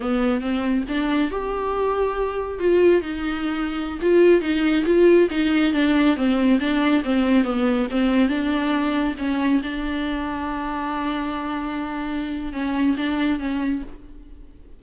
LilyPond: \new Staff \with { instrumentName = "viola" } { \time 4/4 \tempo 4 = 139 b4 c'4 d'4 g'4~ | g'2 f'4 dis'4~ | dis'4~ dis'16 f'4 dis'4 f'8.~ | f'16 dis'4 d'4 c'4 d'8.~ |
d'16 c'4 b4 c'4 d'8.~ | d'4~ d'16 cis'4 d'4.~ d'16~ | d'1~ | d'4 cis'4 d'4 cis'4 | }